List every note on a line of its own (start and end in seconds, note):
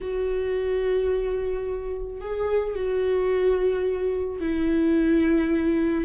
0.00 2.20 F#4
2.20 2.75 G#4
2.75 4.40 F#4
4.40 6.04 E4